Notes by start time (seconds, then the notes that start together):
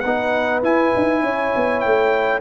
0.00 B3 D#4 B4 F#5
0.62 E4 G#5
0.96 D#4
1.22 C#4 C#5
1.56 B3
1.80 A3 G5